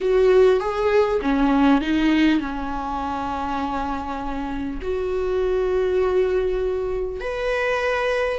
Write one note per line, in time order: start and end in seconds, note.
0.00 0.59 F#4
0.59 1.19 G#4
1.21 1.81 C#4
1.81 2.40 D#4
2.40 4.80 C#4
4.81 7.20 F#4
7.20 8.39 B4